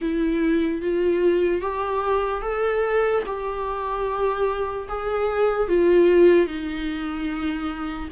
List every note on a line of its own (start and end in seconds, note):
0.01 0.81 E4
0.81 1.61 F4
1.61 2.42 G4
2.42 3.23 A4
3.25 4.88 G4
4.88 5.68 G#4
5.68 6.46 F4
6.46 8.09 D#4